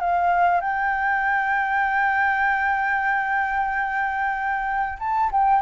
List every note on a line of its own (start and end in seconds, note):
0.00 0.61 F5
0.61 4.98 G5
4.99 5.30 A5
5.32 5.62 G5